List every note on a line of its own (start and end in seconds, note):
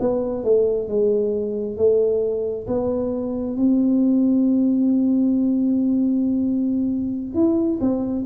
0.00 0.44 B3
0.44 0.88 A3
0.88 1.77 G#3
1.77 2.67 A3
2.67 3.57 B3
3.57 7.34 C4
7.34 7.79 E4
7.81 8.26 C4